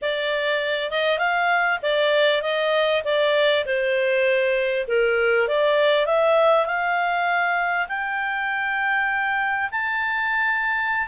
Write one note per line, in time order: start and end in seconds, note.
0.01 0.90 D5
0.90 1.18 D#5
1.18 1.79 F5
1.82 2.42 D5
2.42 3.02 D#5
3.04 3.64 D5
3.65 4.87 C5
4.87 5.48 A#4
5.48 6.06 D5
6.06 6.66 E5
6.66 7.87 F5
7.88 9.70 G5
9.71 11.07 A5